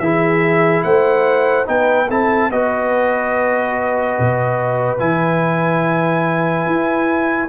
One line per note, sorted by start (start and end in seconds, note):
0.00 0.84 E3
0.00 1.66 E4
0.00 0.85 G#4
0.00 0.83 E5
0.84 1.68 A3
0.84 1.69 C5
0.84 1.67 F#5
1.66 2.10 B3
1.66 2.08 D#4
1.66 2.09 B4
1.66 2.10 G5
2.09 2.51 C4
2.09 2.52 E4
2.09 2.50 A4
2.09 2.52 A5
2.51 4.18 B3
2.51 4.99 F#4
2.51 7.50 B4
2.51 5.00 D#5
4.20 5.00 B2
4.99 6.67 E3
4.99 7.49 E4
4.99 7.50 G#5
6.67 7.50 E4